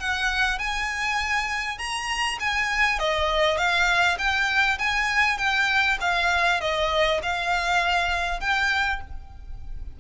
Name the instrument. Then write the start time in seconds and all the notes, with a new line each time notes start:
violin
0.00 F#5
0.59 G#5
1.78 A#5
2.40 G#5
2.99 D#5
3.58 F5
4.18 G5
4.78 G#5
5.38 G5
6.01 F5
6.61 D#5
7.23 F5
8.40 G5